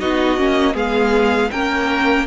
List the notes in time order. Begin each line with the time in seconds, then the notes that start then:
0.00 B3 D#4 F#4 D#5
0.38 A#3 C#4
0.73 G#3 B3 G#4 F5
1.51 A#3 C#4 A#4 G5